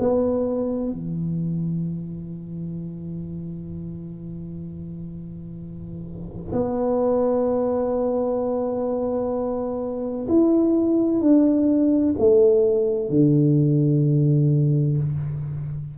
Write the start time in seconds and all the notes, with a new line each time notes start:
0.00 B3
0.93 E3
6.52 B3
10.29 E4
11.22 D4
12.19 A3
13.10 D3